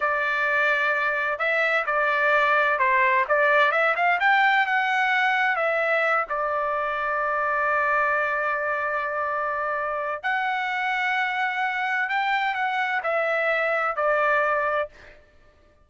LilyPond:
\new Staff \with { instrumentName = "trumpet" } { \time 4/4 \tempo 4 = 129 d''2. e''4 | d''2 c''4 d''4 | e''8 f''8 g''4 fis''2 | e''4. d''2~ d''8~ |
d''1~ | d''2 fis''2~ | fis''2 g''4 fis''4 | e''2 d''2 | }